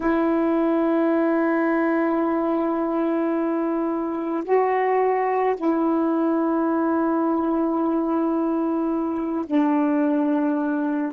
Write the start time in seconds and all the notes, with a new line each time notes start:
0.00 E4
4.44 F#4
5.56 E4
9.46 D4